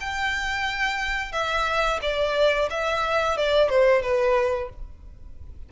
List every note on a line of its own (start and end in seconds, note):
0.00 1.32 G5
1.32 1.99 E5
2.02 2.69 D5
2.70 3.37 E5
3.37 3.70 D5
3.70 4.02 C5
4.02 4.69 B4